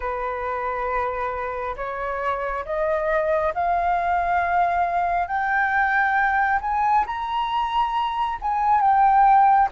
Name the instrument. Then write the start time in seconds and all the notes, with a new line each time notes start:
flute
0.00 B4
1.76 C#5
2.65 D#5
3.54 F5
5.27 G5
6.61 G#5
7.06 A#5
8.41 G#5
8.80 G5